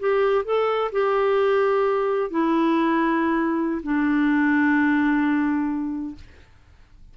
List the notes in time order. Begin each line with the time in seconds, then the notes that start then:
0.00 G4
0.45 A4
0.92 G4
2.31 E4
3.83 D4